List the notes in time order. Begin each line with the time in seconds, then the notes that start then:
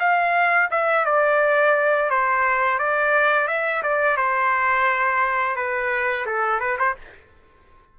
0.00 F5
0.71 E5
1.06 D5
2.10 C5
2.79 D5
3.48 E5
3.83 D5
4.17 C5
5.56 B4
6.26 A4
6.61 B4
6.79 C5